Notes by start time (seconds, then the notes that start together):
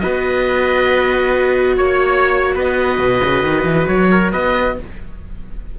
0.00 B3 F#4 B4 D#5
1.77 A#3 C#5
2.55 B3 B4 D#5
2.99 B2
3.24 C#3
3.43 D#3
3.64 E3
3.88 F#3 C#5
4.11 A#4
4.32 B3 B4 D#5